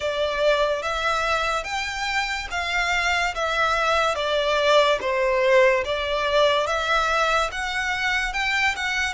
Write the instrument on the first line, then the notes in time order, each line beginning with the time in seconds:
violin
0.00 D5
0.82 E5
1.64 G5
2.50 F5
3.34 E5
4.15 D5
5.00 C5
5.84 D5
6.67 E5
7.51 F#5
8.33 G5
8.76 F#5